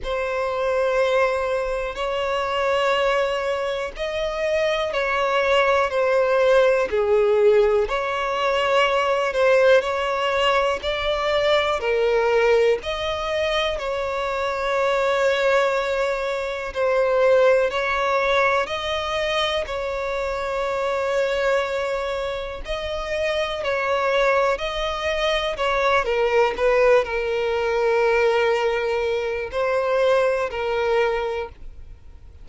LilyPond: \new Staff \with { instrumentName = "violin" } { \time 4/4 \tempo 4 = 61 c''2 cis''2 | dis''4 cis''4 c''4 gis'4 | cis''4. c''8 cis''4 d''4 | ais'4 dis''4 cis''2~ |
cis''4 c''4 cis''4 dis''4 | cis''2. dis''4 | cis''4 dis''4 cis''8 ais'8 b'8 ais'8~ | ais'2 c''4 ais'4 | }